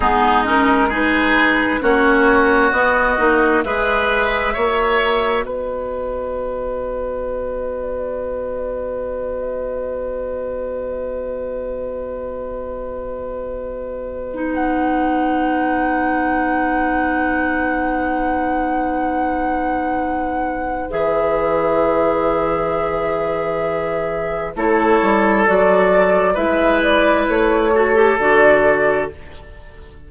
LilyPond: <<
  \new Staff \with { instrumentName = "flute" } { \time 4/4 \tempo 4 = 66 gis'8 ais'8 b'4 cis''4 dis''4 | e''2 dis''2~ | dis''1~ | dis''1 |
fis''1~ | fis''2. e''4~ | e''2. cis''4 | d''4 e''8 d''8 cis''4 d''4 | }
  \new Staff \with { instrumentName = "oboe" } { \time 4/4 dis'4 gis'4 fis'2 | b'4 cis''4 b'2~ | b'1~ | b'1~ |
b'1~ | b'1~ | b'2. a'4~ | a'4 b'4. a'4. | }
  \new Staff \with { instrumentName = "clarinet" } { \time 4/4 b8 cis'8 dis'4 cis'4 b8 dis'8 | gis'4 fis'2.~ | fis'1~ | fis'2.~ fis'8. dis'16~ |
dis'1~ | dis'2. gis'4~ | gis'2. e'4 | fis'4 e'4. fis'16 g'16 fis'4 | }
  \new Staff \with { instrumentName = "bassoon" } { \time 4/4 gis2 ais4 b8 ais8 | gis4 ais4 b2~ | b1~ | b1~ |
b1~ | b2. e4~ | e2. a8 g8 | fis4 gis4 a4 d4 | }
>>